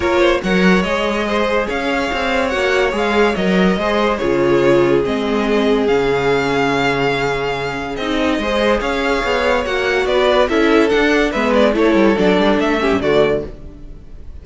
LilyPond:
<<
  \new Staff \with { instrumentName = "violin" } { \time 4/4 \tempo 4 = 143 cis''4 fis''4 dis''2 | f''2 fis''4 f''4 | dis''2 cis''2 | dis''2 f''2~ |
f''2. dis''4~ | dis''4 f''2 fis''4 | d''4 e''4 fis''4 e''8 d''8 | cis''4 d''4 e''4 d''4 | }
  \new Staff \with { instrumentName = "violin" } { \time 4/4 ais'8 c''8 cis''2 c''4 | cis''1~ | cis''4 c''4 gis'2~ | gis'1~ |
gis'1 | c''4 cis''2. | b'4 a'2 b'4 | a'2~ a'8 g'8 fis'4 | }
  \new Staff \with { instrumentName = "viola" } { \time 4/4 f'4 ais'4 gis'2~ | gis'2 fis'4 gis'4 | ais'4 gis'4 f'2 | c'2 cis'2~ |
cis'2. dis'4 | gis'2. fis'4~ | fis'4 e'4 d'4 b4 | e'4 d'4. cis'8 a4 | }
  \new Staff \with { instrumentName = "cello" } { \time 4/4 ais4 fis4 gis2 | cis'4 c'4 ais4 gis4 | fis4 gis4 cis2 | gis2 cis2~ |
cis2. c'4 | gis4 cis'4 b4 ais4 | b4 cis'4 d'4 gis4 | a8 g8 fis8 g8 a8. g,16 d4 | }
>>